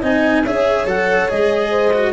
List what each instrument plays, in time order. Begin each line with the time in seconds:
0.00 tuba C4, cello D#4, horn D#5, clarinet G#5
0.43 tuba C#4, cello G#4, horn C#5, clarinet E5
0.85 tuba F#3, cello A4, clarinet F#5
1.29 tuba G#3, cello G#4, clarinet D#5
1.70 horn C5
1.93 cello F#4